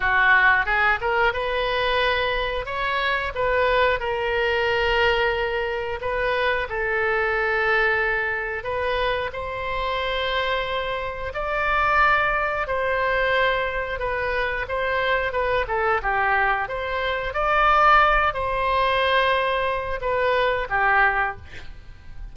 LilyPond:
\new Staff \with { instrumentName = "oboe" } { \time 4/4 \tempo 4 = 90 fis'4 gis'8 ais'8 b'2 | cis''4 b'4 ais'2~ | ais'4 b'4 a'2~ | a'4 b'4 c''2~ |
c''4 d''2 c''4~ | c''4 b'4 c''4 b'8 a'8 | g'4 c''4 d''4. c''8~ | c''2 b'4 g'4 | }